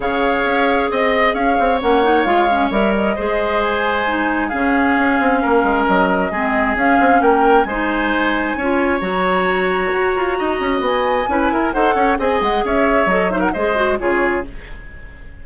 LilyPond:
<<
  \new Staff \with { instrumentName = "flute" } { \time 4/4 \tempo 4 = 133 f''2 dis''4 f''4 | fis''4 f''4 e''8 dis''4. | gis''2 f''2~ | f''4 dis''2 f''4 |
g''4 gis''2. | ais''1 | gis''2 fis''4 gis''8 fis''8 | e''4 dis''8 e''16 fis''16 dis''4 cis''4 | }
  \new Staff \with { instrumentName = "oboe" } { \time 4/4 cis''2 dis''4 cis''4~ | cis''2. c''4~ | c''2 gis'2 | ais'2 gis'2 |
ais'4 c''2 cis''4~ | cis''2. dis''4~ | dis''4 b'8 ais'8 c''8 cis''8 dis''4 | cis''4. c''16 ais'16 c''4 gis'4 | }
  \new Staff \with { instrumentName = "clarinet" } { \time 4/4 gis'1 | cis'8 dis'8 f'8 cis'8 ais'4 gis'4~ | gis'4 dis'4 cis'2~ | cis'2 c'4 cis'4~ |
cis'4 dis'2 f'4 | fis'1~ | fis'4 e'4 a'4 gis'4~ | gis'4 a'8 dis'8 gis'8 fis'8 f'4 | }
  \new Staff \with { instrumentName = "bassoon" } { \time 4/4 cis4 cis'4 c'4 cis'8 c'8 | ais4 gis4 g4 gis4~ | gis2 cis4 cis'8 c'8 | ais8 gis8 fis4 gis4 cis'8 c'8 |
ais4 gis2 cis'4 | fis2 fis'8 f'8 dis'8 cis'8 | b4 cis'8 e'8 dis'8 cis'8 c'8 gis8 | cis'4 fis4 gis4 cis4 | }
>>